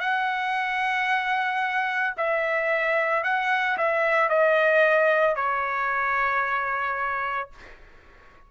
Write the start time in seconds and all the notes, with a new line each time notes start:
0.00 F#5
2.17 E5
3.23 F#5
3.77 E5
4.29 D#5
5.36 C#5